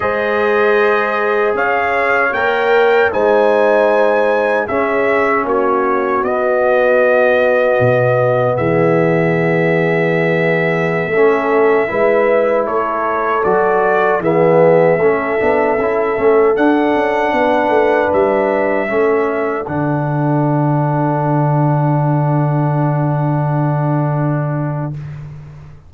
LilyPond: <<
  \new Staff \with { instrumentName = "trumpet" } { \time 4/4 \tempo 4 = 77 dis''2 f''4 g''4 | gis''2 e''4 cis''4 | dis''2. e''4~ | e''1~ |
e''16 cis''4 d''4 e''4.~ e''16~ | e''4~ e''16 fis''2 e''8.~ | e''4~ e''16 fis''2~ fis''8.~ | fis''1 | }
  \new Staff \with { instrumentName = "horn" } { \time 4/4 c''2 cis''2 | c''2 gis'4 fis'4~ | fis'2. gis'4~ | gis'2~ gis'16 a'4 b'8.~ |
b'16 a'2 gis'4 a'8.~ | a'2~ a'16 b'4.~ b'16~ | b'16 a'2.~ a'8.~ | a'1 | }
  \new Staff \with { instrumentName = "trombone" } { \time 4/4 gis'2. ais'4 | dis'2 cis'2 | b1~ | b2~ b16 cis'4 e'8.~ |
e'4~ e'16 fis'4 b4 cis'8 d'16~ | d'16 e'8 cis'8 d'2~ d'8.~ | d'16 cis'4 d'2~ d'8.~ | d'1 | }
  \new Staff \with { instrumentName = "tuba" } { \time 4/4 gis2 cis'4 ais4 | gis2 cis'4 ais4 | b2 b,4 e4~ | e2~ e16 a4 gis8.~ |
gis16 a4 fis4 e4 a8 b16~ | b16 cis'8 a8 d'8 cis'8 b8 a8 g8.~ | g16 a4 d2~ d8.~ | d1 | }
>>